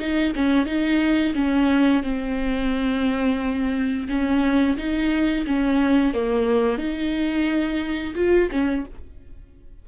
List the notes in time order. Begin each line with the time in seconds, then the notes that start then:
0.00 D#4
0.36 C#4
0.66 D#4
1.35 C#4
2.04 C4
4.09 C#4
4.78 D#4
5.47 C#4
6.15 A#3
6.78 D#4
8.16 F4
8.51 C#4